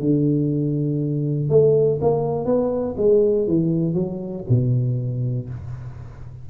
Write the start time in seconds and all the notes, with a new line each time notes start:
0.00 D3
1.50 A3
2.01 A#3
2.45 B3
2.97 G#3
3.47 E3
3.94 F#3
4.49 B2